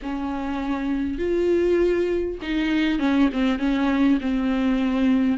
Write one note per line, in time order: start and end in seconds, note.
0.02 1.18 C#4
1.18 2.38 F4
2.42 2.99 D#4
2.99 3.29 C#4
3.32 3.58 C4
3.58 4.18 C#4
4.21 5.38 C4